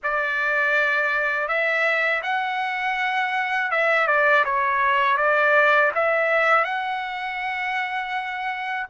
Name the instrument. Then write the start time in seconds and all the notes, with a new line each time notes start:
trumpet
0.03 D5
1.48 E5
2.23 F#5
3.71 E5
4.07 D5
4.44 C#5
5.17 D5
5.95 E5
6.64 F#5